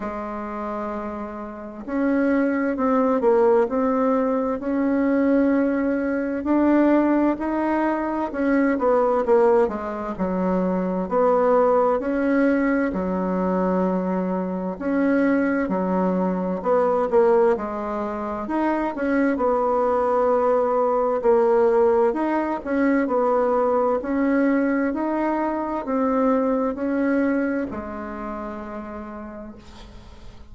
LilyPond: \new Staff \with { instrumentName = "bassoon" } { \time 4/4 \tempo 4 = 65 gis2 cis'4 c'8 ais8 | c'4 cis'2 d'4 | dis'4 cis'8 b8 ais8 gis8 fis4 | b4 cis'4 fis2 |
cis'4 fis4 b8 ais8 gis4 | dis'8 cis'8 b2 ais4 | dis'8 cis'8 b4 cis'4 dis'4 | c'4 cis'4 gis2 | }